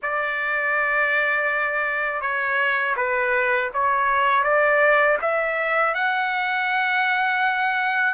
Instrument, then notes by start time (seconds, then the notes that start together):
trumpet
0.02 D5
2.21 C#5
2.96 B4
3.73 C#5
4.43 D5
5.21 E5
5.94 F#5